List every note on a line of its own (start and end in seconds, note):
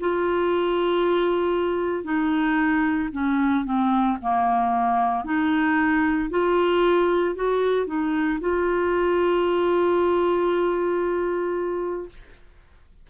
0.00 2.04 F4
2.04 3.10 D#4
3.12 3.65 C#4
3.65 4.18 C4
4.22 5.25 A#3
5.25 6.30 D#4
6.30 7.35 F4
7.35 7.87 F#4
7.87 8.39 D#4
8.41 12.09 F4